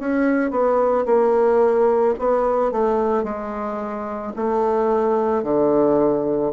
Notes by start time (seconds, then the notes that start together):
0.00 C#4
0.51 B3
1.06 A#3
2.19 B3
2.72 A3
3.24 G#3
4.36 A3
5.43 D3